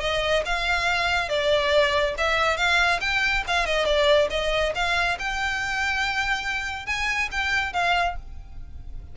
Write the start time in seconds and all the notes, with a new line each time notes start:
0.00 D#5
0.45 F5
1.29 D5
2.18 E5
2.57 F5
3.01 G5
3.47 F5
3.66 D#5
3.85 D5
4.30 D#5
4.75 F5
5.19 G5
6.86 G#5
7.31 G5
7.73 F5